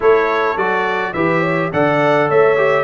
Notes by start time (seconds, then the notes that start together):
0.00 A3 E4 A4 C#5
0.56 F#3 F#4 D5
1.13 E3 G4 B4 E5
1.40 C#5
1.72 D3 A4 D5 F#5
2.29 A3 C#5 E5
2.56 G4